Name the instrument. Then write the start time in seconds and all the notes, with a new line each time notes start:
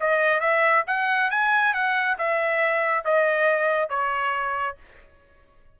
trumpet
0.00 D#5
0.40 E5
0.87 F#5
1.30 G#5
1.74 F#5
2.18 E5
3.05 D#5
3.89 C#5